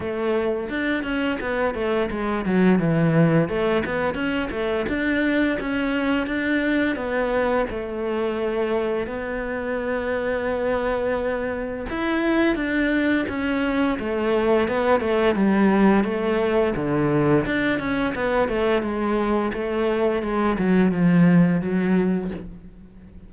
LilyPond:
\new Staff \with { instrumentName = "cello" } { \time 4/4 \tempo 4 = 86 a4 d'8 cis'8 b8 a8 gis8 fis8 | e4 a8 b8 cis'8 a8 d'4 | cis'4 d'4 b4 a4~ | a4 b2.~ |
b4 e'4 d'4 cis'4 | a4 b8 a8 g4 a4 | d4 d'8 cis'8 b8 a8 gis4 | a4 gis8 fis8 f4 fis4 | }